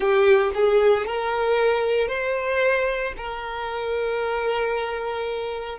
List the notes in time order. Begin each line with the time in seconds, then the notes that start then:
0.00 G4
0.54 G#4
1.06 A#4
2.08 C5
3.17 A#4